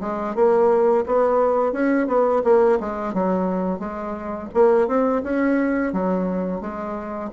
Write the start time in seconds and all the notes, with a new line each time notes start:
0.00 G#3
0.35 A#3
1.06 B3
1.73 C#4
2.07 B3
2.44 A#3
2.80 G#3
3.14 F#3
3.79 G#3
4.54 A#3
4.87 C4
5.23 C#4
5.93 F#3
6.61 G#3